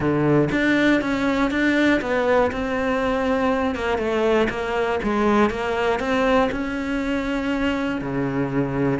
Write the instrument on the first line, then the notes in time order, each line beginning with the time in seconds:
cello
0.00 D3
0.51 D4
1.01 C#4
1.50 D4
2.01 B3
2.51 C4
3.75 A#3
3.98 A3
4.49 A#3
5.03 G#3
5.50 A#3
5.99 C4
6.51 C#4
8.01 C#3